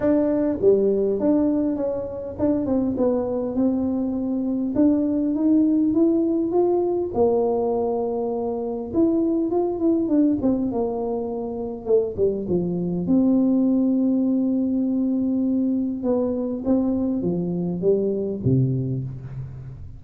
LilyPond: \new Staff \with { instrumentName = "tuba" } { \time 4/4 \tempo 4 = 101 d'4 g4 d'4 cis'4 | d'8 c'8 b4 c'2 | d'4 dis'4 e'4 f'4 | ais2. e'4 |
f'8 e'8 d'8 c'8 ais2 | a8 g8 f4 c'2~ | c'2. b4 | c'4 f4 g4 c4 | }